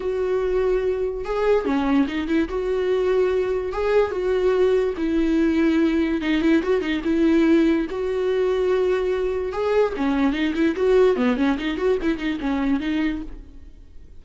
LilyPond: \new Staff \with { instrumentName = "viola" } { \time 4/4 \tempo 4 = 145 fis'2. gis'4 | cis'4 dis'8 e'8 fis'2~ | fis'4 gis'4 fis'2 | e'2. dis'8 e'8 |
fis'8 dis'8 e'2 fis'4~ | fis'2. gis'4 | cis'4 dis'8 e'8 fis'4 b8 cis'8 | dis'8 fis'8 e'8 dis'8 cis'4 dis'4 | }